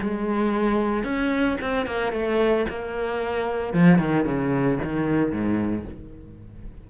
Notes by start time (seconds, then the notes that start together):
0.00 G#3
1.04 C#4
1.61 C4
1.86 A#3
2.12 A3
2.69 A#3
3.73 F3
3.99 D#3
4.25 C#3
4.83 D#3
5.32 G#2